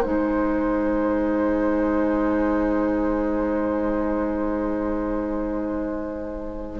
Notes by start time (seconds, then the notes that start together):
0.00 G#3 D#4 C5 G#5